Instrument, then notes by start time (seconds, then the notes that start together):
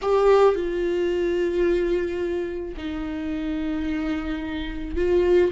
viola
0.02 G4
0.55 F4
2.76 D#4
4.96 F4